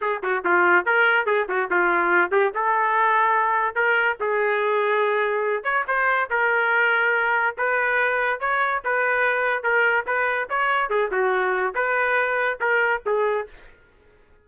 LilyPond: \new Staff \with { instrumentName = "trumpet" } { \time 4/4 \tempo 4 = 143 gis'8 fis'8 f'4 ais'4 gis'8 fis'8 | f'4. g'8 a'2~ | a'4 ais'4 gis'2~ | gis'4. cis''8 c''4 ais'4~ |
ais'2 b'2 | cis''4 b'2 ais'4 | b'4 cis''4 gis'8 fis'4. | b'2 ais'4 gis'4 | }